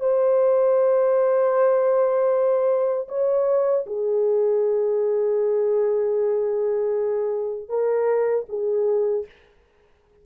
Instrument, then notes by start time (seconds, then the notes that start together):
horn
0.00 C5
3.08 C#5
3.86 G#4
7.69 A#4
8.49 G#4